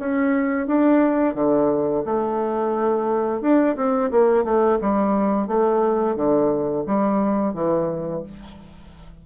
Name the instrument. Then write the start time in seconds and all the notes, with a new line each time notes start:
bassoon
0.00 C#4
0.67 D4
1.35 D3
2.06 A3
3.42 D4
3.76 C4
4.12 A#3
4.45 A3
4.82 G3
5.48 A3
6.16 D3
6.87 G3
7.54 E3